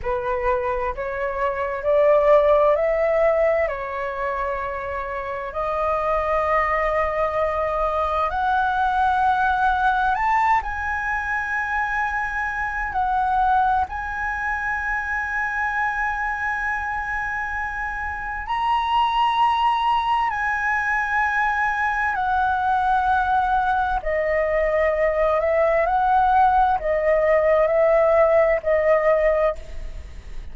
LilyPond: \new Staff \with { instrumentName = "flute" } { \time 4/4 \tempo 4 = 65 b'4 cis''4 d''4 e''4 | cis''2 dis''2~ | dis''4 fis''2 a''8 gis''8~ | gis''2 fis''4 gis''4~ |
gis''1 | ais''2 gis''2 | fis''2 dis''4. e''8 | fis''4 dis''4 e''4 dis''4 | }